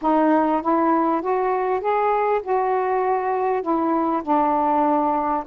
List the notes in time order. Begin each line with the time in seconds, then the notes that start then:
0.01 D#4
0.61 E4
1.21 F#4
1.80 G#4
2.42 F#4
3.61 E4
4.22 D4